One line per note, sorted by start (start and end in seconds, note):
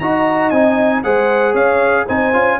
0.00 0.52 D#4
0.00 0.54 F#4
0.00 1.05 D#5
0.00 0.51 A#5
0.51 1.03 C4
0.51 1.04 D#4
0.51 1.02 G#5
1.04 1.54 G#3
1.04 2.08 G#4
1.04 1.53 C5
1.04 1.55 F#5
1.53 2.06 C#4
1.53 2.05 C#5
1.53 2.07 F5
2.07 2.34 C4
2.07 2.34 D#4
2.07 2.58 C5
2.07 2.60 G#5
2.34 2.60 C#4
2.34 2.59 F4